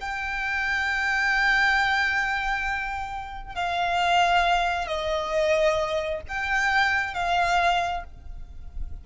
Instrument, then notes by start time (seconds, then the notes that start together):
violin
0.00 G5
3.55 F5
4.87 D#5
6.28 G5
7.14 F5